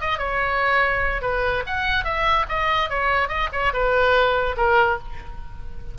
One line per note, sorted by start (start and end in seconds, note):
0.00 0.18 D#5
0.18 1.22 C#5
1.22 1.63 B4
1.66 2.04 F#5
2.04 2.45 E5
2.48 2.89 D#5
2.89 3.28 C#5
3.28 3.49 D#5
3.52 3.73 C#5
3.73 4.56 B4
4.57 4.98 A#4